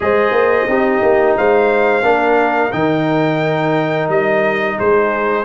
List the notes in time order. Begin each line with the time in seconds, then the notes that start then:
0.00 G#3 G#4 C5 D#5
0.31 A#3
0.67 C4 D#4 G4
1.02 A#3
1.37 G#3 C5 F5
2.01 A#3 D4 A#4
2.72 D#3 D#4 G5
4.08 G3 D#5
4.78 G#3 G#4 C5